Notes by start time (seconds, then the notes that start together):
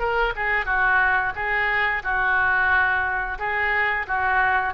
0.00 A#4
0.36 G#4
0.66 F#4
1.36 G#4
2.04 F#4
3.39 G#4
4.08 F#4